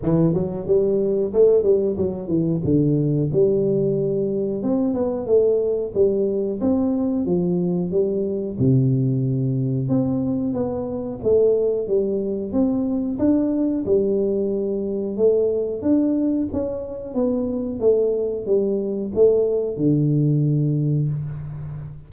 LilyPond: \new Staff \with { instrumentName = "tuba" } { \time 4/4 \tempo 4 = 91 e8 fis8 g4 a8 g8 fis8 e8 | d4 g2 c'8 b8 | a4 g4 c'4 f4 | g4 c2 c'4 |
b4 a4 g4 c'4 | d'4 g2 a4 | d'4 cis'4 b4 a4 | g4 a4 d2 | }